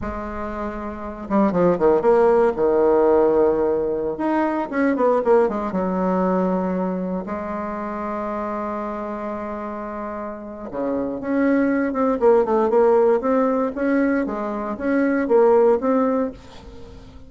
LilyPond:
\new Staff \with { instrumentName = "bassoon" } { \time 4/4 \tempo 4 = 118 gis2~ gis8 g8 f8 dis8 | ais4 dis2.~ | dis16 dis'4 cis'8 b8 ais8 gis8 fis8.~ | fis2~ fis16 gis4.~ gis16~ |
gis1~ | gis4 cis4 cis'4. c'8 | ais8 a8 ais4 c'4 cis'4 | gis4 cis'4 ais4 c'4 | }